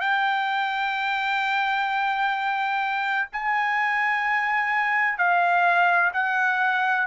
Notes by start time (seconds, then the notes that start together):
0.00 G5
3.32 G#5
5.18 F5
6.13 F#5